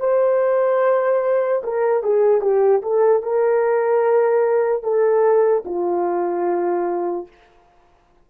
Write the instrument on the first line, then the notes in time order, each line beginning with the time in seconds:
horn
0.00 C5
1.63 A#4
2.03 G#4
2.41 G4
2.82 A4
3.22 A#4
4.83 A4
5.65 F4